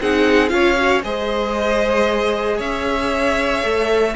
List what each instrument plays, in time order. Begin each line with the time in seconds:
0.00 cello C4, viola D#4, violin G#4 F#5
0.49 cello C#4, viola F4, violin C#5 F5
0.76 viola F#4
1.03 cello G#3, viola G#4, violin C5 D#5
2.57 cello C#4, violin C#5 E5
3.63 cello A3, viola A4